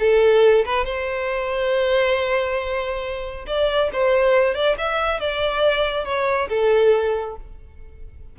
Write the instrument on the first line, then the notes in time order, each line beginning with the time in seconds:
violin
0.00 A4
0.65 B4
0.85 C5
3.47 D5
3.93 C5
4.55 D5
4.78 E5
5.20 D5
6.05 C#5
6.49 A4